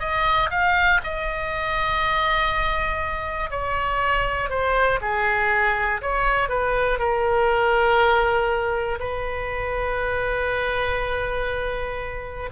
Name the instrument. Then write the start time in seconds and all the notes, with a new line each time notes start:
oboe
0.00 D#5
0.50 F5
1.04 D#5
3.50 C#5
4.50 C5
5.01 G#4
6.01 C#5
6.49 B4
6.99 A#4
9.00 B4